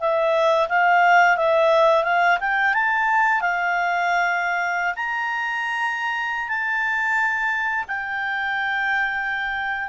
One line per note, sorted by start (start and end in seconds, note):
0.00 0.68 E5
0.69 1.37 F5
1.37 2.04 E5
2.04 2.38 F5
2.40 2.74 G5
2.74 3.41 A5
3.41 4.94 F5
4.96 6.48 A#5
6.48 7.85 A5
7.87 9.89 G5